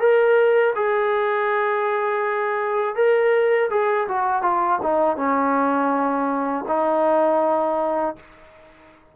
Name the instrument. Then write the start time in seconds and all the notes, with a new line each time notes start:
trombone
0.00 A#4
0.76 G#4
2.96 A#4
3.71 G#4
4.09 F#4
4.42 F4
4.83 D#4
5.17 C#4
6.68 D#4